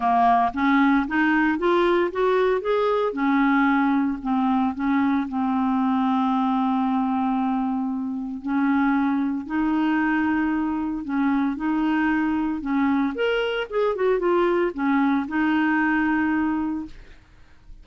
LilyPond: \new Staff \with { instrumentName = "clarinet" } { \time 4/4 \tempo 4 = 114 ais4 cis'4 dis'4 f'4 | fis'4 gis'4 cis'2 | c'4 cis'4 c'2~ | c'1 |
cis'2 dis'2~ | dis'4 cis'4 dis'2 | cis'4 ais'4 gis'8 fis'8 f'4 | cis'4 dis'2. | }